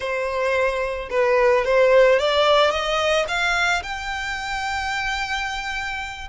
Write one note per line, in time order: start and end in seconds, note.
0.00 1.09 C5
1.10 1.64 B4
1.64 2.19 C5
2.19 2.70 D5
2.70 3.25 D#5
3.28 3.82 F5
3.83 6.28 G5